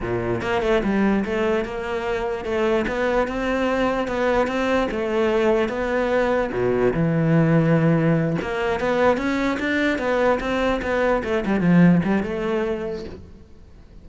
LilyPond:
\new Staff \with { instrumentName = "cello" } { \time 4/4 \tempo 4 = 147 ais,4 ais8 a8 g4 a4 | ais2 a4 b4 | c'2 b4 c'4 | a2 b2 |
b,4 e2.~ | e8 ais4 b4 cis'4 d'8~ | d'8 b4 c'4 b4 a8 | g8 f4 g8 a2 | }